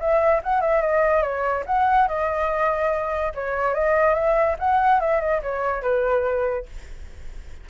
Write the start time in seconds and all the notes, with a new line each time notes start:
0.00 E5
0.44 F#5
0.61 E5
0.82 D#5
1.23 C#5
1.66 F#5
2.08 D#5
3.35 C#5
3.74 D#5
4.15 E5
4.59 F#5
5.01 E5
5.21 D#5
5.42 C#5
5.83 B4